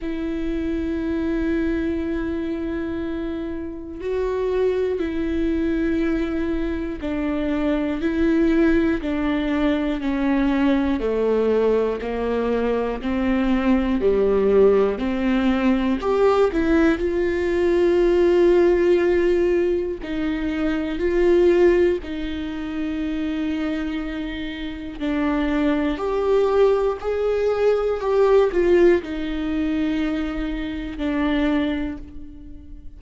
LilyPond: \new Staff \with { instrumentName = "viola" } { \time 4/4 \tempo 4 = 60 e'1 | fis'4 e'2 d'4 | e'4 d'4 cis'4 a4 | ais4 c'4 g4 c'4 |
g'8 e'8 f'2. | dis'4 f'4 dis'2~ | dis'4 d'4 g'4 gis'4 | g'8 f'8 dis'2 d'4 | }